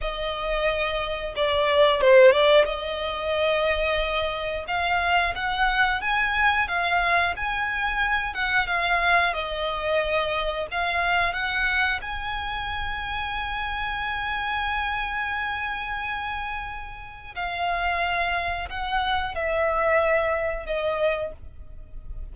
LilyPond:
\new Staff \with { instrumentName = "violin" } { \time 4/4 \tempo 4 = 90 dis''2 d''4 c''8 d''8 | dis''2. f''4 | fis''4 gis''4 f''4 gis''4~ | gis''8 fis''8 f''4 dis''2 |
f''4 fis''4 gis''2~ | gis''1~ | gis''2 f''2 | fis''4 e''2 dis''4 | }